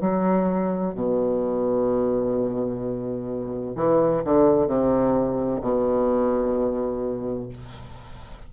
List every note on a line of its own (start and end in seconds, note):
0.00 0.94 F#3
0.94 3.75 B2
3.75 4.22 E3
4.24 4.67 D3
4.67 5.60 C3
5.61 7.48 B2